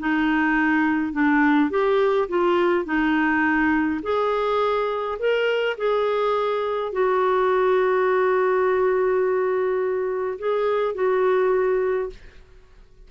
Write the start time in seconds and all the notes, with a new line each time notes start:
0.00 D#4
1.13 D4
1.71 G4
2.29 F4
2.85 D#4
4.03 G#4
5.19 A#4
5.78 G#4
6.93 F#4
10.39 G#4
10.95 F#4